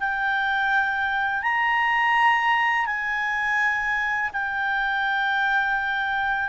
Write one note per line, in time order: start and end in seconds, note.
0.00 1.43 G5
1.43 2.86 A#5
2.86 4.31 G#5
4.33 6.49 G5